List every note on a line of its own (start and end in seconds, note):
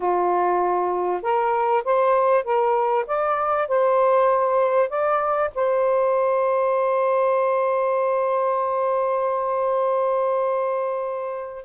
0.00 1.21 F4
1.22 1.83 A#4
1.84 2.44 C5
2.44 3.05 A#4
3.06 3.68 D5
3.68 4.89 C5
4.89 5.50 D5
5.54 11.65 C5